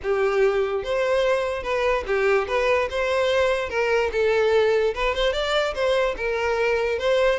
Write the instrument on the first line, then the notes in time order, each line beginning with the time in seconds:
violin
0.02 G4
0.83 C5
1.63 B4
2.06 G4
2.47 B4
2.90 C5
3.69 A#4
4.12 A4
4.94 B4
5.14 C5
5.32 D5
5.74 C5
6.16 A#4
6.98 C5